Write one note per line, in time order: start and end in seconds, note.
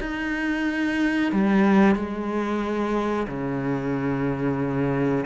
0.00 1.32 D#4
1.32 1.95 G3
1.95 3.27 G#3
3.27 5.25 C#3